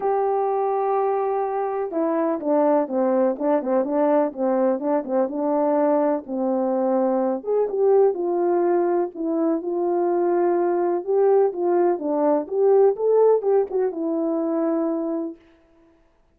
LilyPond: \new Staff \with { instrumentName = "horn" } { \time 4/4 \tempo 4 = 125 g'1 | e'4 d'4 c'4 d'8 c'8 | d'4 c'4 d'8 c'8 d'4~ | d'4 c'2~ c'8 gis'8 |
g'4 f'2 e'4 | f'2. g'4 | f'4 d'4 g'4 a'4 | g'8 fis'8 e'2. | }